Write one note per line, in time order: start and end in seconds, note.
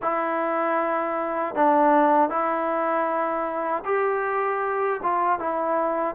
0.02 1.55 E4
1.55 2.29 D4
2.29 3.83 E4
3.85 5.00 G4
5.02 5.39 F4
5.39 6.15 E4